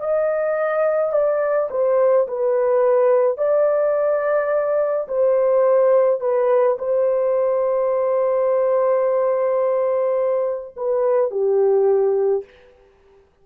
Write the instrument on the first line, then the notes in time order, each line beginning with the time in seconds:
horn
0.00 D#5
1.13 D5
1.71 C5
2.28 B4
3.38 D5
5.08 C5
6.21 B4
6.79 C5
10.77 B4
11.31 G4